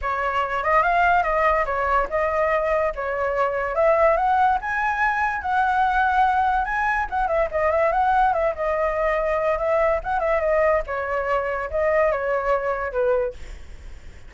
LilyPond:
\new Staff \with { instrumentName = "flute" } { \time 4/4 \tempo 4 = 144 cis''4. dis''8 f''4 dis''4 | cis''4 dis''2 cis''4~ | cis''4 e''4 fis''4 gis''4~ | gis''4 fis''2. |
gis''4 fis''8 e''8 dis''8 e''8 fis''4 | e''8 dis''2~ dis''8 e''4 | fis''8 e''8 dis''4 cis''2 | dis''4 cis''2 b'4 | }